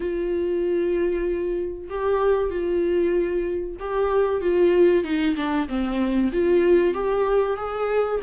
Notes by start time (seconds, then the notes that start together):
0.00 F4
1.89 G4
2.50 F4
3.79 G4
4.41 F4
5.04 D#4
5.36 D4
5.68 C4
6.32 F4
6.94 G4
7.56 G#4